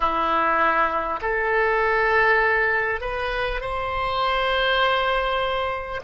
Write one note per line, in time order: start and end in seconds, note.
0.00 1.19 E4
1.21 3.01 A4
3.01 3.60 B4
3.60 6.00 C5